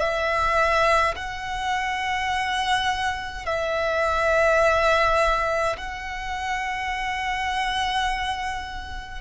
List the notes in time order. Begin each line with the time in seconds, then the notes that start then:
0.00 E5
1.16 F#5
3.46 E5
5.77 F#5